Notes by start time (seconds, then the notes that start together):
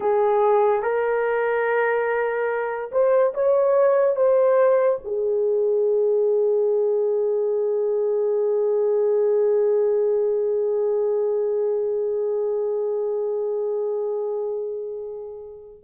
0.00 G#4
0.82 A#4
2.91 C5
3.33 C#5
4.16 C5
5.04 G#4